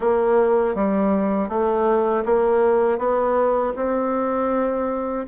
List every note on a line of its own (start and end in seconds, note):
0.00 0.74 A#3
0.74 1.49 G3
1.49 2.24 A3
2.25 2.98 A#3
2.98 3.73 B3
3.76 5.26 C4